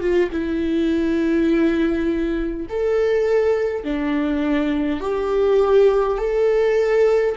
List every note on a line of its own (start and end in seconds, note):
0.00 0.29 F4
0.32 2.67 E4
2.69 3.83 A4
3.83 5.00 D4
5.00 6.18 G4
6.18 7.35 A4